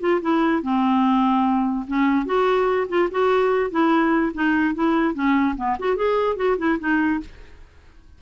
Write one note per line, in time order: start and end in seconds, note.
0.00 0.21 F4
0.21 0.62 E4
0.62 1.86 C4
1.87 2.25 C#4
2.25 2.87 F#4
2.88 3.09 F4
3.11 3.70 F#4
3.70 4.32 E4
4.34 4.74 D#4
4.74 5.14 E4
5.14 5.55 C#4
5.56 5.77 B3
5.79 5.96 F#4
5.96 6.36 G#4
6.36 6.57 F#4
6.58 6.78 E4
6.79 7.20 D#4